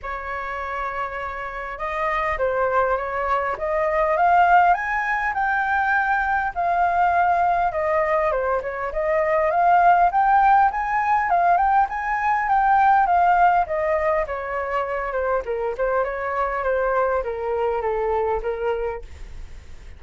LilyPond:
\new Staff \with { instrumentName = "flute" } { \time 4/4 \tempo 4 = 101 cis''2. dis''4 | c''4 cis''4 dis''4 f''4 | gis''4 g''2 f''4~ | f''4 dis''4 c''8 cis''8 dis''4 |
f''4 g''4 gis''4 f''8 g''8 | gis''4 g''4 f''4 dis''4 | cis''4. c''8 ais'8 c''8 cis''4 | c''4 ais'4 a'4 ais'4 | }